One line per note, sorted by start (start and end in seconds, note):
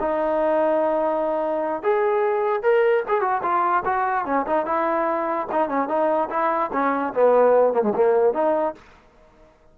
0.00 1.83 D#4
1.83 2.63 G#4
2.63 3.04 A#4
3.08 3.21 G#4
3.21 3.41 F#4
3.43 3.84 F4
3.85 4.26 F#4
4.26 4.46 C#4
4.47 4.66 D#4
4.66 5.47 E4
5.52 5.69 D#4
5.69 5.88 C#4
5.88 6.29 D#4
6.30 6.71 E4
6.73 7.14 C#4
7.14 7.73 B3
7.73 7.83 A#3
7.83 7.93 G#3
7.95 8.34 A#3
8.34 8.75 D#4